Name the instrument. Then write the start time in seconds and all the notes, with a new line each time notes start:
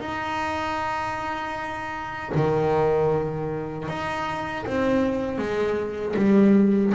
double bass
0.00 D#4
2.35 D#3
3.88 D#4
4.66 C4
5.38 G#3
6.16 G3